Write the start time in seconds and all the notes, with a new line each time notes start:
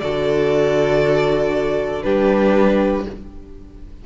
0.00 D3 F#4 A4 D5
2.03 G3 D4 G4 B4